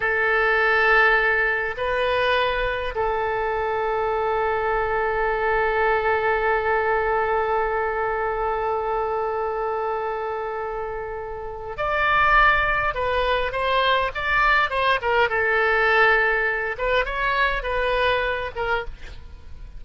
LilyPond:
\new Staff \with { instrumentName = "oboe" } { \time 4/4 \tempo 4 = 102 a'2. b'4~ | b'4 a'2.~ | a'1~ | a'1~ |
a'1 | d''2 b'4 c''4 | d''4 c''8 ais'8 a'2~ | a'8 b'8 cis''4 b'4. ais'8 | }